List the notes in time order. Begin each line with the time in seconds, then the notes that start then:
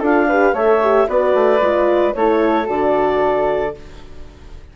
0.00 D4 F4 A4 F5
0.28 G4 B4
0.54 A3 A4 C#5 E5
0.82 G4
1.08 B3 F#4 B4 D5
1.34 A3
1.61 G#3 F4
2.14 A3 E4 A4 C#5
2.66 D3 F#4 D5